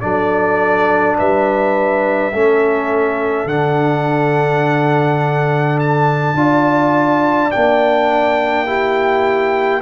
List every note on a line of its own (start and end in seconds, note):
0.00 1.19 F#3
0.00 2.32 D4
0.00 1.17 A4
0.00 1.15 D5
1.17 2.33 G3
1.17 2.32 B4
1.17 3.48 E5
2.32 3.45 A3
2.32 3.48 C#4
2.32 6.36 A4
3.45 6.34 D3
3.45 6.36 D4
3.45 5.78 F#5
5.79 7.51 A5
6.34 7.49 D4
6.34 7.51 F4
6.34 8.66 D5
7.51 9.81 A#3
7.51 8.66 D4
7.51 9.81 G5
8.66 9.81 E4
8.66 9.81 G4